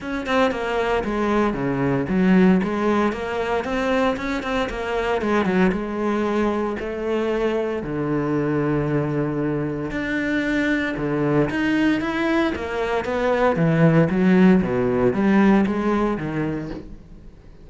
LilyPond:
\new Staff \with { instrumentName = "cello" } { \time 4/4 \tempo 4 = 115 cis'8 c'8 ais4 gis4 cis4 | fis4 gis4 ais4 c'4 | cis'8 c'8 ais4 gis8 fis8 gis4~ | gis4 a2 d4~ |
d2. d'4~ | d'4 d4 dis'4 e'4 | ais4 b4 e4 fis4 | b,4 g4 gis4 dis4 | }